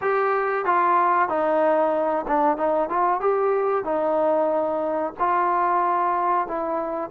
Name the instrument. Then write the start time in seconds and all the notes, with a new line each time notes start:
trombone
0.01 G4
0.65 F4
1.28 D#4
2.27 D4
2.57 D#4
2.89 F4
3.20 G4
3.84 D#4
5.19 F4
6.47 E4